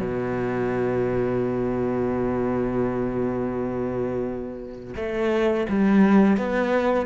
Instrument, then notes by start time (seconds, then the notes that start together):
cello
0.00 B2
4.96 A3
5.69 G3
6.37 B3